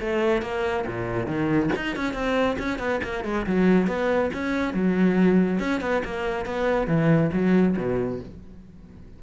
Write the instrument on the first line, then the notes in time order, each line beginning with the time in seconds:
cello
0.00 A3
0.42 A#3
0.87 A#2
1.26 D#3
1.76 D#4
1.96 C#4
2.13 C4
2.59 C#4
2.79 B3
3.03 A#3
3.24 G#3
3.46 F#3
3.87 B3
4.34 C#4
4.73 F#3
5.60 C#4
5.81 B3
6.05 A#3
6.46 B3
6.87 E3
7.33 F#3
7.77 B2